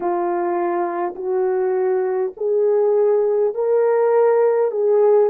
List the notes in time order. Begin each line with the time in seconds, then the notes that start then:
0.00 F4
1.15 F#4
2.36 G#4
3.54 A#4
4.71 G#4